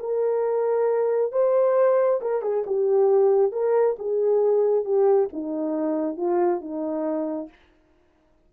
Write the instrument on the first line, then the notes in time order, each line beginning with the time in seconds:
horn
0.00 A#4
1.32 C5
2.22 A#4
2.42 G#4
2.67 G4
3.52 A#4
3.99 G#4
4.85 G4
5.33 D#4
6.17 F4
6.61 D#4